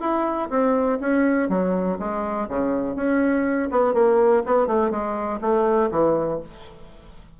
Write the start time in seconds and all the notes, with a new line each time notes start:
0.00 E4
0.50 C4
1.00 C#4
1.49 F#3
1.99 G#3
2.49 C#3
2.96 C#4
3.71 B3
3.94 A#3
4.46 B3
4.67 A3
4.90 G#3
5.41 A3
5.91 E3